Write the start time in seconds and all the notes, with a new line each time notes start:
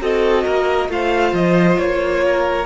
0.00 C4 F#4 A4 D#5
0.44 A#3 A#4
0.88 A3 F4 C5 F5
1.33 F3 D#5
1.78 A#3 C#5
2.25 A#4